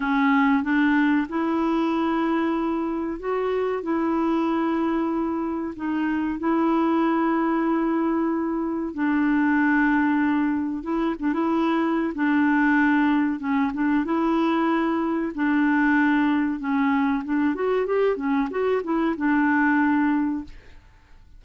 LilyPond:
\new Staff \with { instrumentName = "clarinet" } { \time 4/4 \tempo 4 = 94 cis'4 d'4 e'2~ | e'4 fis'4 e'2~ | e'4 dis'4 e'2~ | e'2 d'2~ |
d'4 e'8 d'16 e'4~ e'16 d'4~ | d'4 cis'8 d'8 e'2 | d'2 cis'4 d'8 fis'8 | g'8 cis'8 fis'8 e'8 d'2 | }